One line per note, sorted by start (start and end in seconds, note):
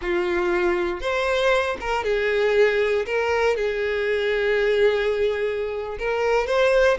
0.01 1.00 F4
1.00 1.77 C5
1.80 2.04 A#4
2.04 3.05 G#4
3.06 3.56 A#4
3.56 5.97 G#4
5.99 6.46 A#4
6.46 6.97 C5